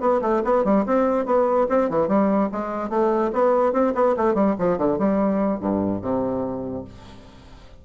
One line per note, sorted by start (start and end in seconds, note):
0.00 0.21 B3
0.21 0.42 A3
0.44 0.64 B3
0.64 0.85 G3
0.86 1.25 C4
1.25 1.67 B3
1.69 1.90 C4
1.90 2.08 E3
2.08 2.49 G3
2.52 2.89 G#3
2.89 3.31 A3
3.33 3.72 B3
3.72 3.93 C4
3.95 4.15 B3
4.16 4.34 A3
4.34 4.55 G3
4.59 4.78 F3
4.78 4.98 D3
4.98 5.60 G3
5.60 6.01 G2
6.01 6.84 C3